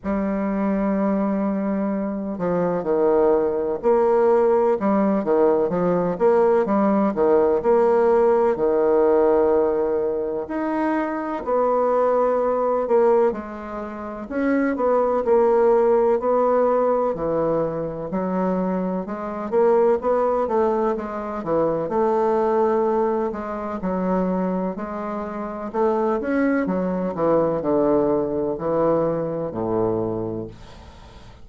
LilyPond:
\new Staff \with { instrumentName = "bassoon" } { \time 4/4 \tempo 4 = 63 g2~ g8 f8 dis4 | ais4 g8 dis8 f8 ais8 g8 dis8 | ais4 dis2 dis'4 | b4. ais8 gis4 cis'8 b8 |
ais4 b4 e4 fis4 | gis8 ais8 b8 a8 gis8 e8 a4~ | a8 gis8 fis4 gis4 a8 cis'8 | fis8 e8 d4 e4 a,4 | }